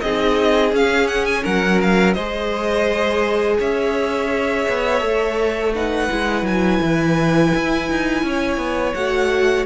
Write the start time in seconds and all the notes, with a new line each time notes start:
0.00 C4 D#4 G#4 D#5
0.72 C#4 F5
1.07 F#5
1.25 G#5
1.42 F#3 A#4 F#5
1.81 F5
2.13 G#3 G#4 C5 D#5
3.58 C#4 C#5 E5
4.68 B3
5.00 A3 A4
5.74 D#4 B4 F#5
6.09 G#3 E4
6.42 F#3 G#5
6.81 E3
7.55 E4
7.90 D#4
8.22 C#4 C#5
8.57 B3
8.94 A3 F#4 F#5